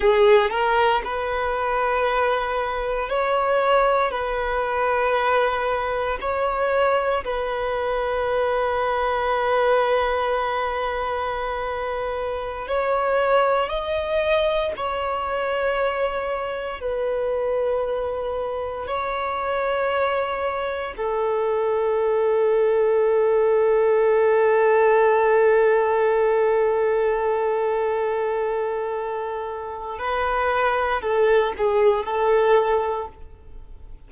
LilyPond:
\new Staff \with { instrumentName = "violin" } { \time 4/4 \tempo 4 = 58 gis'8 ais'8 b'2 cis''4 | b'2 cis''4 b'4~ | b'1~ | b'16 cis''4 dis''4 cis''4.~ cis''16~ |
cis''16 b'2 cis''4.~ cis''16~ | cis''16 a'2.~ a'8.~ | a'1~ | a'4 b'4 a'8 gis'8 a'4 | }